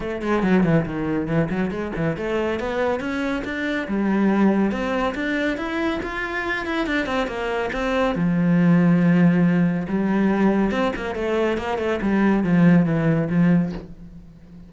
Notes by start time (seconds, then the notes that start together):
0.00 A3
0.22 G#3
0.42 F#3
0.63 E3
0.85 D#3
1.27 E3
1.50 F#3
1.70 G#3
1.96 E3
2.16 A3
2.59 B3
3.00 C#4
3.44 D4
3.87 G3
4.71 C4
5.14 D4
5.57 E4
6.02 F4
6.65 E4
6.86 D4
7.06 C4
7.27 A#3
7.72 C4
8.15 F3
9.88 G3
10.71 C4
10.96 A#3
11.15 A3
11.57 A#3
11.78 A3
12.01 G3
12.43 F3
12.85 E3
13.29 F3